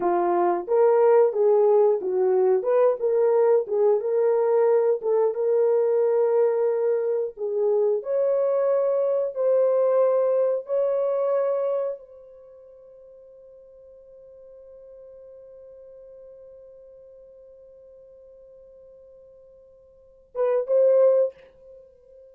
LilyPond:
\new Staff \with { instrumentName = "horn" } { \time 4/4 \tempo 4 = 90 f'4 ais'4 gis'4 fis'4 | b'8 ais'4 gis'8 ais'4. a'8 | ais'2. gis'4 | cis''2 c''2 |
cis''2 c''2~ | c''1~ | c''1~ | c''2~ c''8 b'8 c''4 | }